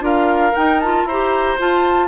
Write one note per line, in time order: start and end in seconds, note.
0.00 0.52 D4
0.00 0.52 F4
0.00 1.07 A#4
0.00 0.55 F5
0.55 0.82 D#4
0.55 1.04 D#4
0.55 0.80 G5
0.80 1.09 F4
0.80 1.06 A5
1.04 1.56 E4
1.04 2.07 C5
1.04 1.58 A#5
1.11 1.58 G4
1.58 2.07 F4
1.58 2.07 A5